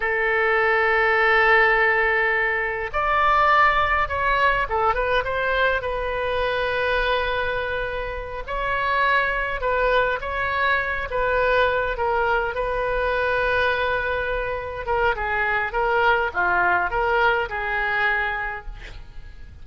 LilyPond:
\new Staff \with { instrumentName = "oboe" } { \time 4/4 \tempo 4 = 103 a'1~ | a'4 d''2 cis''4 | a'8 b'8 c''4 b'2~ | b'2~ b'8 cis''4.~ |
cis''8 b'4 cis''4. b'4~ | b'8 ais'4 b'2~ b'8~ | b'4. ais'8 gis'4 ais'4 | f'4 ais'4 gis'2 | }